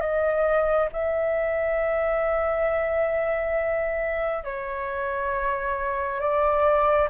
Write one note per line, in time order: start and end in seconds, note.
0.00 0.88 D#5
0.92 4.44 E5
4.44 6.20 C#5
6.20 7.08 D5